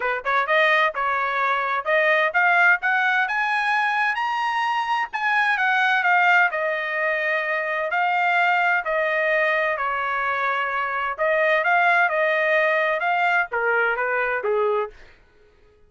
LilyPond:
\new Staff \with { instrumentName = "trumpet" } { \time 4/4 \tempo 4 = 129 b'8 cis''8 dis''4 cis''2 | dis''4 f''4 fis''4 gis''4~ | gis''4 ais''2 gis''4 | fis''4 f''4 dis''2~ |
dis''4 f''2 dis''4~ | dis''4 cis''2. | dis''4 f''4 dis''2 | f''4 ais'4 b'4 gis'4 | }